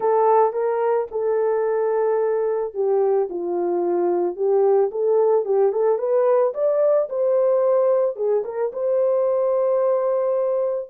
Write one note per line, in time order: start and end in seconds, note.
0.00 0.52 A4
0.52 1.07 A#4
1.11 2.74 A4
2.74 3.28 G4
3.29 4.35 F4
4.35 4.90 G4
4.91 5.45 A4
5.45 5.72 G4
5.72 5.98 A4
5.98 6.53 B4
6.54 7.08 D5
7.09 8.15 C5
8.15 8.43 G#4
8.44 8.71 A#4
8.72 10.89 C5